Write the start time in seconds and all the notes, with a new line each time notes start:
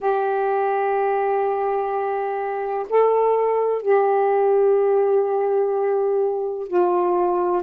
0.00 G4
2.89 A4
3.81 G4
6.67 F4